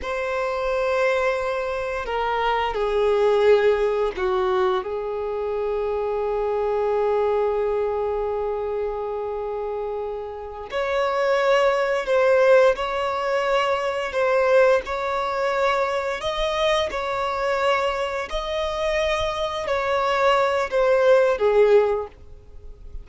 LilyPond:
\new Staff \with { instrumentName = "violin" } { \time 4/4 \tempo 4 = 87 c''2. ais'4 | gis'2 fis'4 gis'4~ | gis'1~ | gis'2.~ gis'8 cis''8~ |
cis''4. c''4 cis''4.~ | cis''8 c''4 cis''2 dis''8~ | dis''8 cis''2 dis''4.~ | dis''8 cis''4. c''4 gis'4 | }